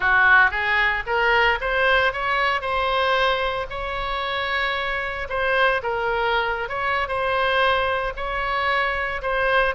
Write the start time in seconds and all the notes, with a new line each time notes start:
0.00 F#4
0.50 G#4
1.06 A#4
1.60 C5
2.12 C#5
2.61 C5
3.70 C#5
5.29 C5
5.82 A#4
6.68 C#5
7.08 C5
8.16 C#5
9.22 C5